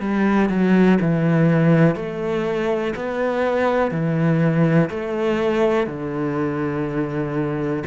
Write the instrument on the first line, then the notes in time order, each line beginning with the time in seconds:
cello
0.00 G3
0.49 F#3
1.01 E3
1.95 A3
2.96 B3
3.91 E3
4.90 A3
5.87 D3